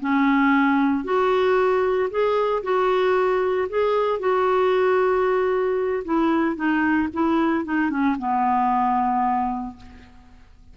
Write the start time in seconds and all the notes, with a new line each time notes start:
0.00 C#4
1.04 F#4
2.10 G#4
2.63 F#4
3.68 G#4
4.19 F#4
6.04 E4
6.55 D#4
7.13 E4
7.64 D#4
7.90 C#4
8.18 B3